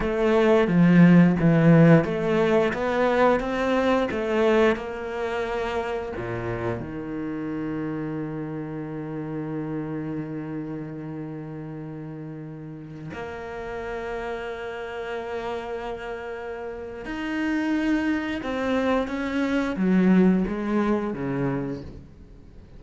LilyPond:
\new Staff \with { instrumentName = "cello" } { \time 4/4 \tempo 4 = 88 a4 f4 e4 a4 | b4 c'4 a4 ais4~ | ais4 ais,4 dis2~ | dis1~ |
dis2.~ dis16 ais8.~ | ais1~ | ais4 dis'2 c'4 | cis'4 fis4 gis4 cis4 | }